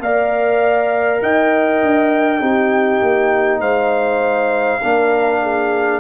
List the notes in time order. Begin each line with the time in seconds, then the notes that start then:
0.00 A#3 A#4 D5 F5
1.22 D#4 D#5 G5
1.83 D4
2.41 C4 D#4 G4
3.02 A#3
3.60 G#3 C5 F5
4.82 A#3 D4 A#4
5.42 G#4